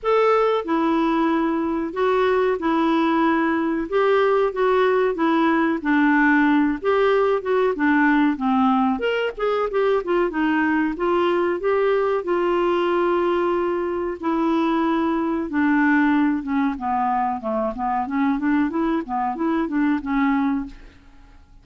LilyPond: \new Staff \with { instrumentName = "clarinet" } { \time 4/4 \tempo 4 = 93 a'4 e'2 fis'4 | e'2 g'4 fis'4 | e'4 d'4. g'4 fis'8 | d'4 c'4 ais'8 gis'8 g'8 f'8 |
dis'4 f'4 g'4 f'4~ | f'2 e'2 | d'4. cis'8 b4 a8 b8 | cis'8 d'8 e'8 b8 e'8 d'8 cis'4 | }